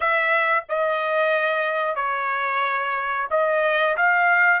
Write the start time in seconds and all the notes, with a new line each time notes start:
0.00 E5
0.68 D#5
1.95 C#5
3.30 D#5
3.97 F5